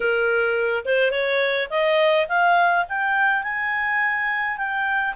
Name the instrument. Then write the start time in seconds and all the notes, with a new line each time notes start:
clarinet
0.00 A#4
0.85 C5
1.11 C#5
1.70 D#5
2.28 F5
2.88 G5
3.43 G#5
4.57 G5